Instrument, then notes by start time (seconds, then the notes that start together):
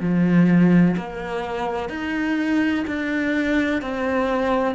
cello
0.00 F3
0.97 A#3
1.89 D#4
2.87 D4
3.81 C4